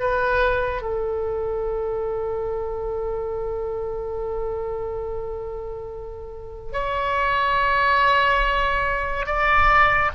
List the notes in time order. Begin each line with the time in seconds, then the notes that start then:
0.00 B4
0.82 A4
6.73 C#5
9.27 D5